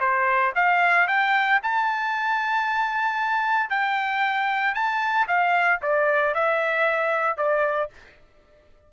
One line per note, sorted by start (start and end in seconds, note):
0.00 0.53 C5
0.55 1.07 F5
1.07 1.60 G5
1.62 3.70 A5
3.70 4.74 G5
4.74 5.27 A5
5.27 5.80 F5
5.82 6.34 D5
6.34 7.37 E5
7.37 7.90 D5